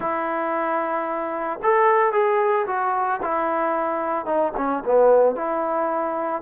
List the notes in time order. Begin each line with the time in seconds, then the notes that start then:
0.00 E4
1.62 A4
2.12 G#4
2.66 F#4
3.22 E4
4.25 D#4
4.57 C#4
4.85 B3
5.35 E4